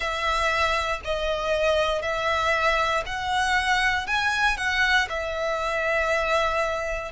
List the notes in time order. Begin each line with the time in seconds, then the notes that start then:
0.00 E5
1.04 D#5
2.02 E5
3.06 F#5
4.07 G#5
4.57 F#5
5.08 E5